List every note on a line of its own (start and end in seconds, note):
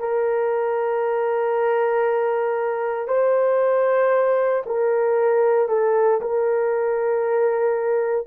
0.00 3.08 A#4
3.08 4.63 C5
4.66 5.69 A#4
5.69 6.21 A4
6.21 8.27 A#4